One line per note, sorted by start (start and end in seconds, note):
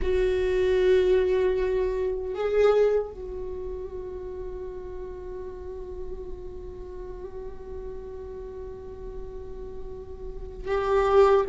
0.02 2.34 F#4
2.34 3.10 G#4
3.10 10.67 F#4
10.67 11.45 G4